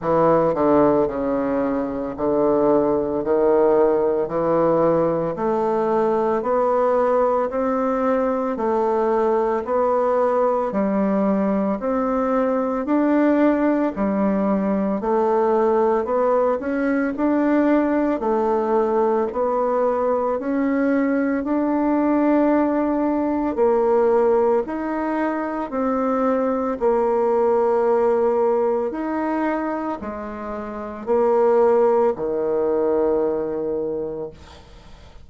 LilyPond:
\new Staff \with { instrumentName = "bassoon" } { \time 4/4 \tempo 4 = 56 e8 d8 cis4 d4 dis4 | e4 a4 b4 c'4 | a4 b4 g4 c'4 | d'4 g4 a4 b8 cis'8 |
d'4 a4 b4 cis'4 | d'2 ais4 dis'4 | c'4 ais2 dis'4 | gis4 ais4 dis2 | }